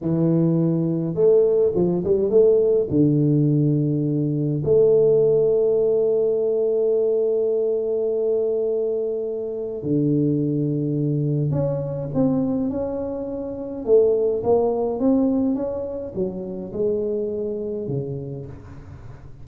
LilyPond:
\new Staff \with { instrumentName = "tuba" } { \time 4/4 \tempo 4 = 104 e2 a4 f8 g8 | a4 d2. | a1~ | a1~ |
a4 d2. | cis'4 c'4 cis'2 | a4 ais4 c'4 cis'4 | fis4 gis2 cis4 | }